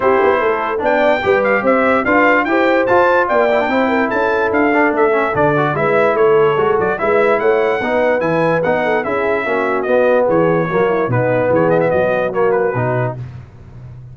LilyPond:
<<
  \new Staff \with { instrumentName = "trumpet" } { \time 4/4 \tempo 4 = 146 c''2 g''4. f''8 | e''4 f''4 g''4 a''4 | g''2 a''4 f''4 | e''4 d''4 e''4 cis''4~ |
cis''8 d''8 e''4 fis''2 | gis''4 fis''4 e''2 | dis''4 cis''2 b'4 | cis''8 dis''16 e''16 dis''4 cis''8 b'4. | }
  \new Staff \with { instrumentName = "horn" } { \time 4/4 g'4 a'4 d''4 b'4 | c''4 b'4 c''2 | d''4 c''8 ais'8 a'2~ | a'2 b'4 a'4~ |
a'4 b'4 cis''4 b'4~ | b'4. a'8 gis'4 fis'4~ | fis'4 gis'4 fis'8 e'8 dis'4 | gis'4 fis'2. | }
  \new Staff \with { instrumentName = "trombone" } { \time 4/4 e'2 d'4 g'4~ | g'4 f'4 g'4 f'4~ | f'8 e'16 d'16 e'2~ e'8 d'8~ | d'8 cis'8 d'8 fis'8 e'2 |
fis'4 e'2 dis'4 | e'4 dis'4 e'4 cis'4 | b2 ais4 b4~ | b2 ais4 dis'4 | }
  \new Staff \with { instrumentName = "tuba" } { \time 4/4 c'8 b8 a4 b4 g4 | c'4 d'4 e'4 f'4 | ais4 c'4 cis'4 d'4 | a4 d4 gis4 a4 |
gis8 fis8 gis4 a4 b4 | e4 b4 cis'4 ais4 | b4 e4 fis4 b,4 | e4 fis2 b,4 | }
>>